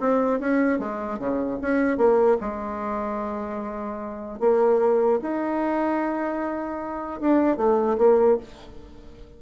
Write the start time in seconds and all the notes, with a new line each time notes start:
0.00 C4
0.40 C#4
0.79 G#3
1.19 C#3
1.61 C#4
1.97 A#3
2.40 G#3
4.39 A#3
5.22 D#4
7.20 D4
7.57 A3
7.98 A#3